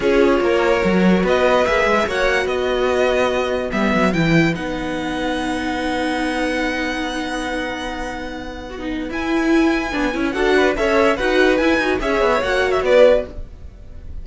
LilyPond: <<
  \new Staff \with { instrumentName = "violin" } { \time 4/4 \tempo 4 = 145 cis''2. dis''4 | e''4 fis''4 dis''2~ | dis''4 e''4 g''4 fis''4~ | fis''1~ |
fis''1~ | fis''2 gis''2~ | gis''4 fis''4 e''4 fis''4 | gis''4 e''4 fis''8. e''16 d''4 | }
  \new Staff \with { instrumentName = "violin" } { \time 4/4 gis'4 ais'2 b'4~ | b'4 cis''4 b'2~ | b'1~ | b'1~ |
b'1~ | b'1~ | b'4 a'8 b'8 cis''4 b'4~ | b'4 cis''2 b'4 | }
  \new Staff \with { instrumentName = "viola" } { \time 4/4 f'2 fis'2 | gis'4 fis'2.~ | fis'4 b4 e'4 dis'4~ | dis'1~ |
dis'1~ | dis'4 fis'16 dis'8. e'2 | d'8 e'8 fis'4 a'4 fis'4 | e'8 fis'8 gis'4 fis'2 | }
  \new Staff \with { instrumentName = "cello" } { \time 4/4 cis'4 ais4 fis4 b4 | ais8 gis8 ais4 b2~ | b4 g8 fis8 e4 b4~ | b1~ |
b1~ | b2 e'2 | b8 cis'8 d'4 cis'4 dis'4 | e'8 dis'8 cis'8 b8 ais4 b4 | }
>>